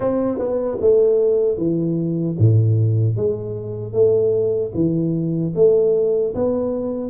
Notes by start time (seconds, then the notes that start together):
0.00 C4
0.38 B3
0.80 A3
1.57 E3
2.38 A2
3.16 G#3
3.93 A3
4.74 E3
5.55 A3
6.34 B3